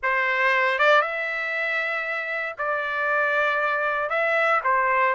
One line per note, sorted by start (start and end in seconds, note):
0.02 0.79 C5
0.79 1.01 D5
1.01 2.55 E5
2.58 4.09 D5
4.09 4.60 E5
4.64 5.14 C5